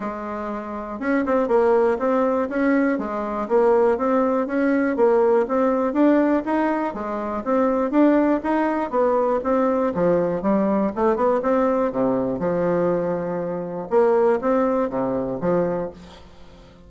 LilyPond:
\new Staff \with { instrumentName = "bassoon" } { \time 4/4 \tempo 4 = 121 gis2 cis'8 c'8 ais4 | c'4 cis'4 gis4 ais4 | c'4 cis'4 ais4 c'4 | d'4 dis'4 gis4 c'4 |
d'4 dis'4 b4 c'4 | f4 g4 a8 b8 c'4 | c4 f2. | ais4 c'4 c4 f4 | }